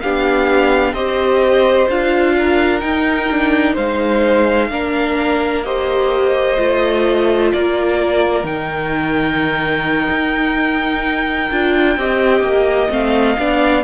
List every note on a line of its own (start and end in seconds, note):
0.00 0.93 B3
0.00 0.96 D4
0.00 0.93 G4
0.00 0.93 F5
0.93 1.87 C4
0.93 1.89 G4
0.93 2.33 C5
0.93 1.87 D#5
1.89 2.82 D4
1.89 2.81 F4
1.89 2.79 F5
2.38 3.73 A#4
2.79 3.28 D#4
2.79 3.77 D#4
2.79 3.73 G5
3.30 3.77 D4
3.73 4.70 G#3
3.73 4.71 D#4
3.73 4.67 C5
3.73 5.63 F5
4.70 6.57 A#3
4.70 5.64 D4
4.70 5.65 A#4
5.63 6.57 G4
5.63 7.52 C5
5.63 7.51 D#5
6.57 7.53 A3
6.57 8.44 F4
7.52 8.43 A#3
7.52 11.99 A#4
7.52 8.46 D5
8.43 10.07 D#3
8.43 11.48 D#4
8.43 12.91 G5
10.09 11.50 D#4
11.51 11.96 D4
11.51 11.97 F4
11.96 12.41 C4
11.96 12.89 G4
11.96 13.39 D#5
12.41 12.88 A#3
12.89 13.37 A3
12.89 13.36 C4
12.89 13.84 F5
13.38 13.84 B3
13.38 13.84 D4
13.38 13.84 D5